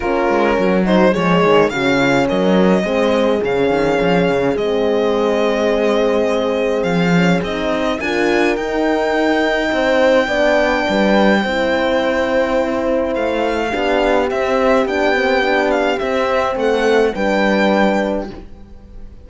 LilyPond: <<
  \new Staff \with { instrumentName = "violin" } { \time 4/4 \tempo 4 = 105 ais'4. c''8 cis''4 f''4 | dis''2 f''2 | dis''1 | f''4 dis''4 gis''4 g''4~ |
g''1~ | g''2. f''4~ | f''4 e''4 g''4. f''8 | e''4 fis''4 g''2 | }
  \new Staff \with { instrumentName = "horn" } { \time 4/4 f'4 fis'4 gis'4 fis'8 f'8 | ais'4 gis'2.~ | gis'1~ | gis'2 ais'2~ |
ais'4 c''4 d''4 b'4 | c''1 | g'1~ | g'4 a'4 b'2 | }
  \new Staff \with { instrumentName = "horn" } { \time 4/4 cis'4. dis'8 gis4 cis'4~ | cis'4 c'4 cis'2 | c'1~ | c'8 cis'8 dis'4 f'4 dis'4~ |
dis'2 d'2 | e'1 | d'4 c'4 d'8 c'8 d'4 | c'2 d'2 | }
  \new Staff \with { instrumentName = "cello" } { \time 4/4 ais8 gis8 fis4 f8 dis8 cis4 | fis4 gis4 cis8 dis8 f8 cis8 | gis1 | f4 c'4 d'4 dis'4~ |
dis'4 c'4 b4 g4 | c'2. a4 | b4 c'4 b2 | c'4 a4 g2 | }
>>